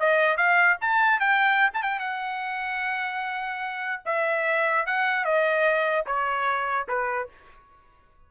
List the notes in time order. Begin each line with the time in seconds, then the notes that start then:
0.00 D#5
0.37 F5
0.81 A5
1.20 G5
1.74 A5
1.82 G5
1.99 F#5
4.05 E5
4.86 F#5
5.24 D#5
6.06 C#5
6.88 B4